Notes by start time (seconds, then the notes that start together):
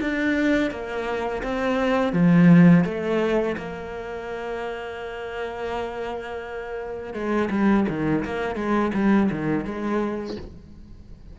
0.00 D4
0.70 A#3
1.42 C4
2.12 F3
2.84 A3
3.57 A#3
7.13 G#3
7.50 G3
7.88 D#3
8.24 A#3
8.55 G#3
8.94 G3
9.31 D#3
9.65 G#3